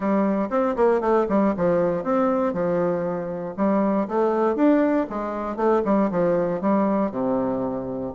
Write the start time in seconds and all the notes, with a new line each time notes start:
0.00 G3
0.50 C4
0.76 A#3
1.00 A3
1.29 G3
1.56 F3
2.03 C4
2.53 F3
3.56 G3
4.08 A3
4.55 D4
5.09 G#3
5.56 A3
5.85 G3
6.10 F3
6.61 G3
7.11 C3